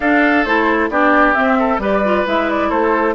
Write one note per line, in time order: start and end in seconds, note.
0.00 0.45 D4
0.00 0.46 D4
0.00 0.90 A4
0.00 0.44 F5
0.44 0.89 A3
0.44 0.91 E4
0.44 0.89 C5
0.89 1.34 B3
0.89 1.34 D4
0.89 1.58 G4
0.89 1.34 D5
1.34 1.79 C4
1.34 1.78 C4
1.34 1.79 E5
1.59 1.81 A4
1.78 2.23 G3
1.78 2.02 G4
1.78 2.69 B4
1.78 2.27 D5
2.04 2.26 F4
2.26 2.70 G#3
2.26 3.14 E4
2.26 2.49 E5
2.49 2.70 D5
2.69 3.14 A3
2.69 3.14 A4
2.69 3.14 C5